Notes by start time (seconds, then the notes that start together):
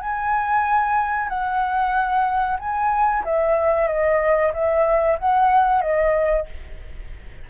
0.00 G#5
1.28 F#5
2.59 G#5
3.24 E5
3.87 D#5
4.53 E5
5.18 F#5
5.81 D#5